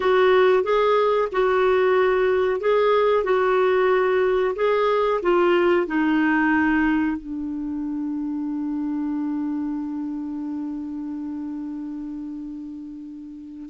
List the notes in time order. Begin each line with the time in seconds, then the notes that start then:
0.00 F#4
0.63 G#4
1.32 F#4
2.60 G#4
3.24 F#4
4.55 G#4
5.22 F4
5.86 D#4
7.17 D4